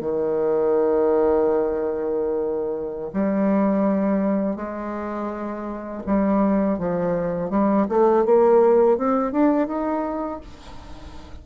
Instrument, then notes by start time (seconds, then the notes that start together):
bassoon
0.00 D#3
3.13 G3
4.56 G#3
6.06 G3
6.78 F3
7.50 G3
7.89 A3
8.25 A#3
8.97 C4
9.32 D4
9.67 D#4